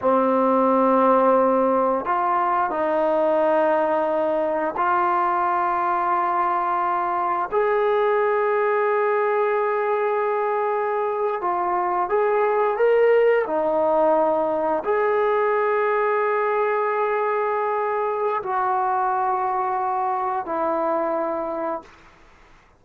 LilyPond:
\new Staff \with { instrumentName = "trombone" } { \time 4/4 \tempo 4 = 88 c'2. f'4 | dis'2. f'4~ | f'2. gis'4~ | gis'1~ |
gis'8. f'4 gis'4 ais'4 dis'16~ | dis'4.~ dis'16 gis'2~ gis'16~ | gis'2. fis'4~ | fis'2 e'2 | }